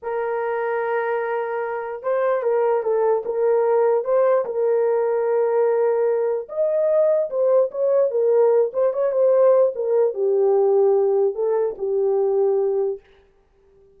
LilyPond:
\new Staff \with { instrumentName = "horn" } { \time 4/4 \tempo 4 = 148 ais'1~ | ais'4 c''4 ais'4 a'4 | ais'2 c''4 ais'4~ | ais'1 |
dis''2 c''4 cis''4 | ais'4. c''8 cis''8 c''4. | ais'4 g'2. | a'4 g'2. | }